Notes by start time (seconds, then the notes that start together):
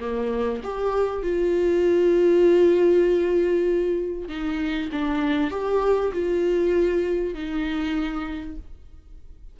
0.00 A#3
0.64 G4
1.23 F4
4.29 D#4
4.92 D4
5.51 G4
6.13 F4
7.34 D#4